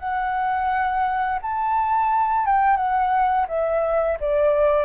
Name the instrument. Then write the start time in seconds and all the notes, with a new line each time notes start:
flute
0.00 F#5
1.42 A5
2.46 G5
2.77 F#5
3.48 E5
4.21 D5